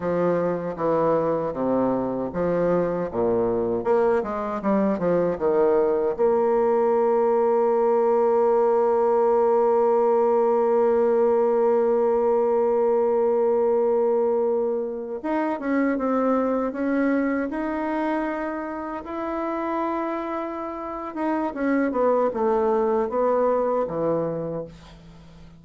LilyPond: \new Staff \with { instrumentName = "bassoon" } { \time 4/4 \tempo 4 = 78 f4 e4 c4 f4 | ais,4 ais8 gis8 g8 f8 dis4 | ais1~ | ais1~ |
ais2.~ ais8. dis'16~ | dis'16 cis'8 c'4 cis'4 dis'4~ dis'16~ | dis'8. e'2~ e'8. dis'8 | cis'8 b8 a4 b4 e4 | }